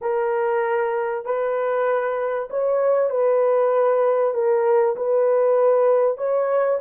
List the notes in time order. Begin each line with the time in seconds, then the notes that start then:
0.01 A#4
1.25 B4
2.49 C#5
3.10 B4
4.34 A#4
4.95 B4
6.17 C#5